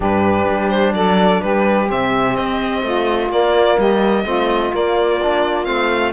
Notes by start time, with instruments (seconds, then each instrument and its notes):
0.00 cello G2, trombone D4, saxophone G4, violin B4
0.48 cello G3
0.69 violin C5
0.93 cello F#3, saxophone A4, violin D5
1.41 cello G3, saxophone G4, violin B4
1.87 cello C3, trombone C4, violin E5
2.35 cello C4, violin D#5
2.82 cello A3, saxophone F4
3.29 cello A#3, trombone A#3, violin D5
3.77 cello G3, saxophone G4, violin D#5
4.24 cello A3, trombone C4, saxophone F4
4.72 trombone A#3, cello A#3, violin D5
5.22 trombone D4
5.64 cello A3, trombone C4, violin F5